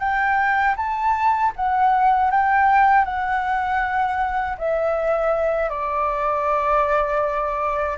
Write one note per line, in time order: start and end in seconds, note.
0.00 0.76 G5
0.77 1.53 A5
1.56 2.31 F#5
2.31 3.06 G5
3.06 4.57 F#5
4.58 5.70 E5
5.70 7.98 D5